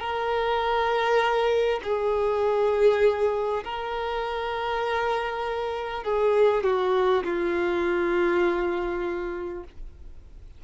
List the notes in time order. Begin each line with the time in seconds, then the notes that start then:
0.00 A#4
1.83 G#4
3.64 A#4
6.03 G#4
6.63 F#4
7.24 F4